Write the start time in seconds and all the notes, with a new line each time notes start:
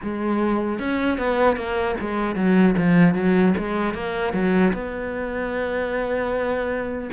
0.02 G#3
0.79 C#4
1.17 B3
1.56 A#3
2.00 G#3
2.35 F#3
2.77 F3
3.14 F#3
3.57 G#3
3.94 A#3
4.33 F#3
4.73 B3